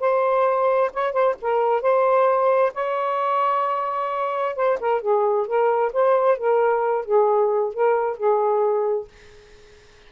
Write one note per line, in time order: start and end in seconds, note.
0.00 0.91 C5
0.93 1.13 C#5
1.13 1.35 C5
1.42 1.82 A#4
1.82 2.73 C5
2.74 4.56 C#5
4.56 4.78 C5
4.80 5.01 A#4
5.01 5.47 G#4
5.47 5.92 A#4
5.93 6.38 C5
6.38 7.05 A#4
7.05 7.73 G#4
7.73 8.17 A#4
8.17 9.08 G#4